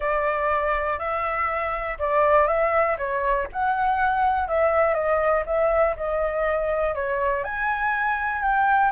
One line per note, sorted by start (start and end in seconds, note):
0.00 0.98 D5
0.98 1.98 E5
1.98 2.47 D5
2.47 2.96 E5
2.98 3.47 C#5
3.52 4.47 F#5
4.47 4.94 E5
4.94 5.43 D#5
5.46 5.95 E5
5.96 6.94 D#5
6.94 7.44 C#5
7.44 8.41 G#5
8.41 8.91 G5